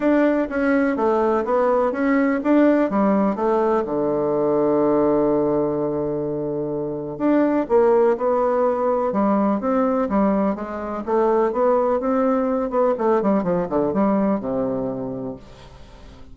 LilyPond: \new Staff \with { instrumentName = "bassoon" } { \time 4/4 \tempo 4 = 125 d'4 cis'4 a4 b4 | cis'4 d'4 g4 a4 | d1~ | d2. d'4 |
ais4 b2 g4 | c'4 g4 gis4 a4 | b4 c'4. b8 a8 g8 | f8 d8 g4 c2 | }